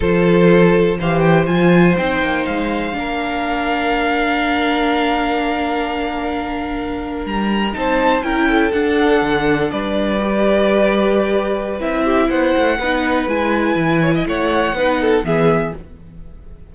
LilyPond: <<
  \new Staff \with { instrumentName = "violin" } { \time 4/4 \tempo 4 = 122 c''2 f''8 g''8 gis''4 | g''4 f''2.~ | f''1~ | f''2~ f''8. ais''4 a''16~ |
a''8. g''4 fis''2 d''16~ | d''1 | e''4 fis''2 gis''4~ | gis''4 fis''2 e''4 | }
  \new Staff \with { instrumentName = "violin" } { \time 4/4 a'2 c''2~ | c''2 ais'2~ | ais'1~ | ais'2.~ ais'8. c''16~ |
c''8. ais'8 a'2~ a'8 b'16~ | b'1~ | b'8 g'8 c''4 b'2~ | b'8 cis''16 dis''16 cis''4 b'8 a'8 gis'4 | }
  \new Staff \with { instrumentName = "viola" } { \time 4/4 f'2 g'4 f'4 | dis'2 d'2~ | d'1~ | d'2.~ d'8. dis'16~ |
dis'8. e'4 d'2~ d'16~ | d'8. g'2.~ g'16 | e'2 dis'4 e'4~ | e'2 dis'4 b4 | }
  \new Staff \with { instrumentName = "cello" } { \time 4/4 f2 e4 f4 | c'8 ais8 gis4 ais2~ | ais1~ | ais2~ ais8. g4 c'16~ |
c'8. cis'4 d'4 d4 g16~ | g1 | c'4 b8 a8 b4 gis4 | e4 a4 b4 e4 | }
>>